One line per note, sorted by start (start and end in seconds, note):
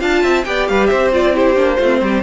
0.00 0.24 D4
0.00 0.45 F4
0.00 0.22 F5
0.00 0.45 A5
0.22 0.46 C4
0.22 0.45 E5
0.45 0.70 B3
0.45 1.13 G4
0.45 0.71 D5
0.45 0.67 G5
0.68 0.92 G3
0.68 0.90 B4
0.68 0.87 F5
0.87 1.56 C4
0.87 1.34 C5
0.87 1.10 E5
1.13 1.34 F4
1.13 1.37 D5
1.34 1.56 E4
1.34 1.78 G4
1.34 2.23 C5
1.56 1.79 A#3
1.56 1.78 D4
1.78 2.02 A3
1.78 2.01 F4
1.85 2.23 C4
2.02 2.23 G3
2.02 2.23 G4